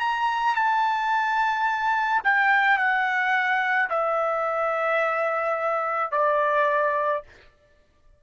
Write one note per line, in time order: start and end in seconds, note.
0.00 0.56 A#5
0.56 2.22 A5
2.24 2.78 G5
2.78 3.89 F#5
3.90 6.12 E5
6.12 7.23 D5